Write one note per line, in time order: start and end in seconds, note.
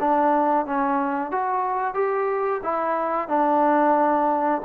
0.00 0.66 D4
0.66 1.32 C#4
1.32 1.95 F#4
1.95 2.62 G4
2.64 3.29 E4
3.29 4.62 D4